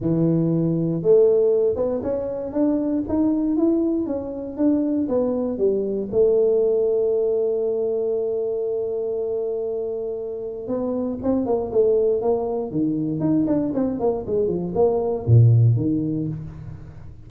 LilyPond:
\new Staff \with { instrumentName = "tuba" } { \time 4/4 \tempo 4 = 118 e2 a4. b8 | cis'4 d'4 dis'4 e'4 | cis'4 d'4 b4 g4 | a1~ |
a1~ | a4 b4 c'8 ais8 a4 | ais4 dis4 dis'8 d'8 c'8 ais8 | gis8 f8 ais4 ais,4 dis4 | }